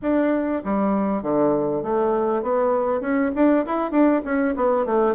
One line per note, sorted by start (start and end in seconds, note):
0.02 0.62 D4
0.64 1.22 G3
1.22 1.82 D3
1.82 2.42 A3
2.42 3.01 B3
3.01 3.31 C#4
3.35 3.65 D4
3.66 3.91 E4
3.91 4.21 D4
4.24 4.55 C#4
4.56 4.85 B3
4.85 5.15 A3